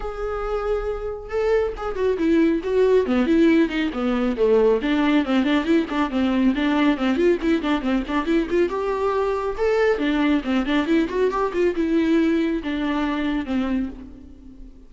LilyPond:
\new Staff \with { instrumentName = "viola" } { \time 4/4 \tempo 4 = 138 gis'2. a'4 | gis'8 fis'8 e'4 fis'4 b8 e'8~ | e'8 dis'8 b4 a4 d'4 | c'8 d'8 e'8 d'8 c'4 d'4 |
c'8 f'8 e'8 d'8 c'8 d'8 e'8 f'8 | g'2 a'4 d'4 | c'8 d'8 e'8 fis'8 g'8 f'8 e'4~ | e'4 d'2 c'4 | }